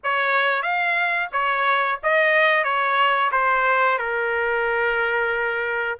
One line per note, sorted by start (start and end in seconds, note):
0.03 0.62 C#5
0.62 1.28 F5
1.32 1.98 C#5
2.03 2.63 D#5
2.63 3.30 C#5
3.32 3.98 C5
3.98 5.98 A#4